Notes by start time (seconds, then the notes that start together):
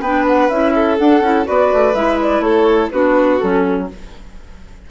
0.00 B3 D4 B4 G5
0.28 F#5
0.49 C#4 E4 E5
0.75 A4
0.98 D4 F#5
1.21 C#4 E4
1.45 B3 F#4 B4 D5
1.73 A3
1.94 G#3 E4 E5
2.22 D5
2.40 A3 A4 C#5
2.91 B3 D4 F#4 B4
3.39 F#3 C#4 A4